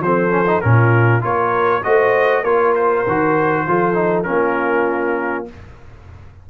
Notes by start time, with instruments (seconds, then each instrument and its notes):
0.00 tuba F3, trombone C4, horn A4, trumpet C5
0.30 trombone C#4
0.47 trombone D#4
0.61 tuba A#2, trombone C#4, horn F4, trumpet A#4
1.21 tuba A#3, trombone F4, horn A#4, trumpet C#5
1.84 tuba A3, trombone F#4, horn C5, trumpet D#5
2.43 tuba A#3, trombone F4, horn A#4, trumpet C#5
2.76 trumpet C5
3.07 tuba D#3, trombone F#4
3.68 tuba F3, trombone F4, horn A4
3.94 trombone D#4
4.23 tuba A#3, trombone C#4, horn F4, trumpet A#4